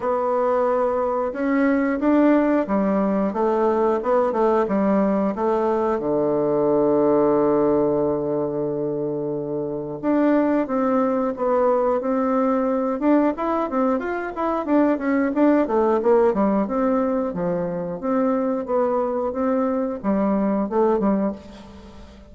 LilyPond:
\new Staff \with { instrumentName = "bassoon" } { \time 4/4 \tempo 4 = 90 b2 cis'4 d'4 | g4 a4 b8 a8 g4 | a4 d2.~ | d2. d'4 |
c'4 b4 c'4. d'8 | e'8 c'8 f'8 e'8 d'8 cis'8 d'8 a8 | ais8 g8 c'4 f4 c'4 | b4 c'4 g4 a8 g8 | }